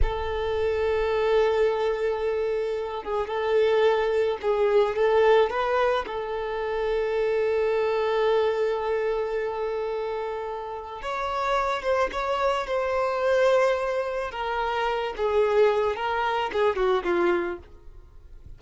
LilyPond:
\new Staff \with { instrumentName = "violin" } { \time 4/4 \tempo 4 = 109 a'1~ | a'4. gis'8 a'2 | gis'4 a'4 b'4 a'4~ | a'1~ |
a'1 | cis''4. c''8 cis''4 c''4~ | c''2 ais'4. gis'8~ | gis'4 ais'4 gis'8 fis'8 f'4 | }